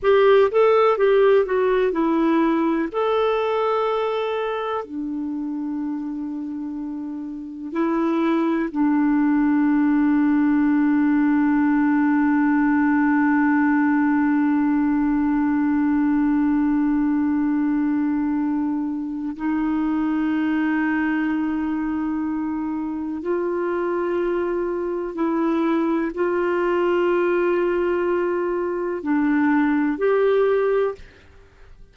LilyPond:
\new Staff \with { instrumentName = "clarinet" } { \time 4/4 \tempo 4 = 62 g'8 a'8 g'8 fis'8 e'4 a'4~ | a'4 d'2. | e'4 d'2.~ | d'1~ |
d'1 | dis'1 | f'2 e'4 f'4~ | f'2 d'4 g'4 | }